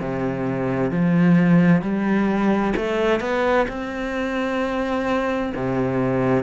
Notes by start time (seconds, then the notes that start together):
0.00 C3
0.91 F3
1.82 G3
2.77 A3
3.21 B3
3.69 C4
5.56 C3